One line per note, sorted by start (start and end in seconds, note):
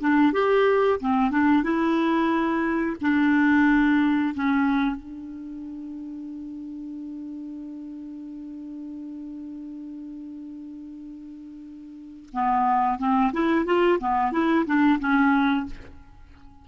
0.00 0.33 D4
0.33 1.00 G4
1.00 1.31 C4
1.31 1.63 D4
1.63 2.96 E4
3.01 4.35 D4
4.35 4.96 C#4
4.96 12.29 D4
12.33 12.99 B3
12.99 13.32 C4
13.33 13.65 E4
13.65 13.99 F4
14.00 14.32 B3
14.32 14.65 E4
14.66 14.99 D4
14.99 15.66 C#4